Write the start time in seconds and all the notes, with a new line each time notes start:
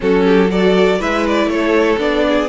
0.00 F#3 C#4 F#4 A4
0.24 G4
0.48 F#4 A4 D5
0.99 G#3 E4 B4 E5
1.27 D5
1.46 A3 A4 C#5
1.98 B3 D4 D5
2.28 G#4